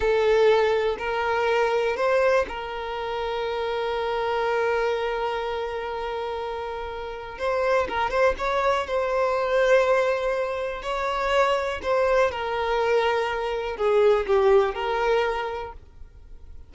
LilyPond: \new Staff \with { instrumentName = "violin" } { \time 4/4 \tempo 4 = 122 a'2 ais'2 | c''4 ais'2.~ | ais'1~ | ais'2. c''4 |
ais'8 c''8 cis''4 c''2~ | c''2 cis''2 | c''4 ais'2. | gis'4 g'4 ais'2 | }